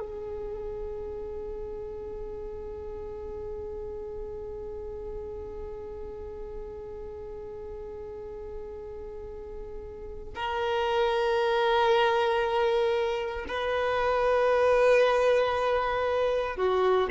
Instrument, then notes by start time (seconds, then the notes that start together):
violin
0.00 G#4
10.35 A#4
13.48 B4
16.57 F#4